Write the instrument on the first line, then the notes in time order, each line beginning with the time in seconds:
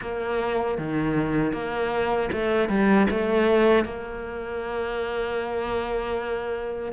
cello
0.01 A#3
0.78 D#3
1.52 A#3
2.32 A3
2.68 G3
3.10 A3
3.85 A#3